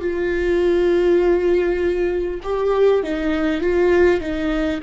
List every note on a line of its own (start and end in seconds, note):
0.00 2.40 F4
2.43 3.03 G4
3.03 3.61 D#4
3.61 4.21 F4
4.21 4.81 D#4